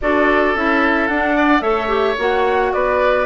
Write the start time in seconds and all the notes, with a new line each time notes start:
0.01 D4 F#4 A4 D5
0.54 C#4 E4 E5
1.07 D4 F#5
1.36 D5
1.60 A3 A4 C#5 E5
1.88 G4
2.18 A#3 F#4 F#5
2.72 B3 B4 D5